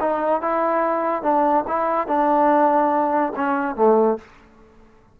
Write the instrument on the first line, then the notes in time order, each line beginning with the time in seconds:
trombone
0.00 D#4
0.41 E4
1.22 D4
1.67 E4
2.07 D4
3.36 C#4
3.76 A3